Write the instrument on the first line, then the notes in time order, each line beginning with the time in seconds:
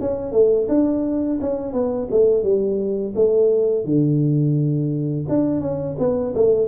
tuba
0.00 C#4
0.32 A3
0.68 D4
1.41 C#4
1.72 B3
2.11 A3
2.43 G3
3.15 A3
3.84 D3
5.28 D4
5.61 C#4
5.98 B3
6.34 A3